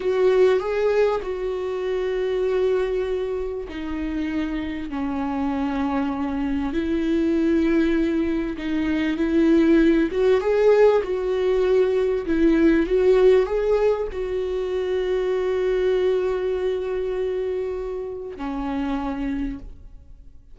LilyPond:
\new Staff \with { instrumentName = "viola" } { \time 4/4 \tempo 4 = 98 fis'4 gis'4 fis'2~ | fis'2 dis'2 | cis'2. e'4~ | e'2 dis'4 e'4~ |
e'8 fis'8 gis'4 fis'2 | e'4 fis'4 gis'4 fis'4~ | fis'1~ | fis'2 cis'2 | }